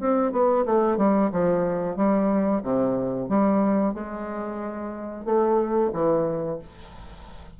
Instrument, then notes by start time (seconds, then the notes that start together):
bassoon
0.00 C4
0.32 B3
0.65 A3
0.97 G3
1.32 F3
1.96 G3
2.63 C3
3.28 G3
3.94 G#3
5.25 A3
5.93 E3